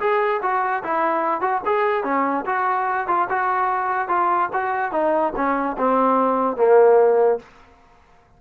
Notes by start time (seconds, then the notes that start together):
0.00 G#4
0.42 F#4
0.83 E4
1.41 F#4
1.66 G#4
2.04 C#4
2.46 F#4
3.07 F4
3.30 F#4
4.09 F4
4.53 F#4
4.92 D#4
5.36 C#4
5.78 C4
6.57 A#3